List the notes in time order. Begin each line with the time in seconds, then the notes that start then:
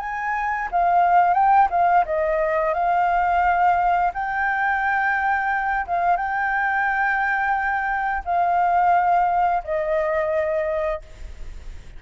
0.00 G#5
0.72 F5
1.34 G5
1.71 F5
2.06 D#5
2.75 F5
4.14 G5
5.87 F5
6.17 G5
8.25 F5
9.65 D#5